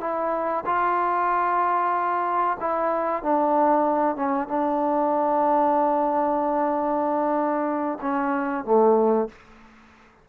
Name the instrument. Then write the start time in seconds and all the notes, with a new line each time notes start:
trombone
0.00 E4
0.66 F4
2.60 E4
3.22 D4
4.15 C#4
4.47 D4
8.01 C#4
8.64 A3